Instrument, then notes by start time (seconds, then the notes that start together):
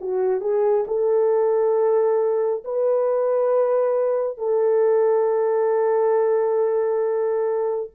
horn
0.00 F#4
0.41 G#4
0.87 A4
2.64 B4
4.37 A4